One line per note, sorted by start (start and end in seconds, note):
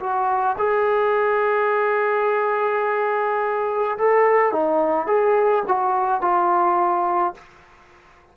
0.00 0.57 F#4
0.58 3.98 G#4
3.98 4.52 A4
4.52 5.07 D#4
5.07 5.64 G#4
5.68 6.22 F#4
6.22 7.35 F4